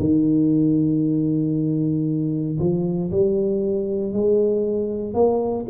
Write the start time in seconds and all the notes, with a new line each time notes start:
0.00 D#3
2.60 F3
3.12 G3
4.13 G#3
5.14 A#3